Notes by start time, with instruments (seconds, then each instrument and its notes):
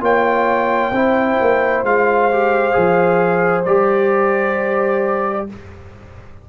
0.00 tuba A#3, trombone F4, horn C#5, trumpet G5
0.91 tuba C4, trombone E4, horn C5
1.41 tuba A#3
1.83 tuba G#3, trombone F4, trumpet F5
2.31 trombone G4
2.73 tuba F3, trombone G#4
3.65 tuba G3, trombone G4, trumpet D5